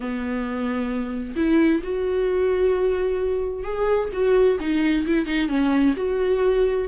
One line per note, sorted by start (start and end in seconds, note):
0.00 1.35 B3
1.36 1.82 E4
1.83 3.63 F#4
3.63 4.09 G#4
4.12 4.58 F#4
4.60 5.05 D#4
5.06 5.25 E4
5.25 5.48 D#4
5.48 5.94 C#4
5.96 6.87 F#4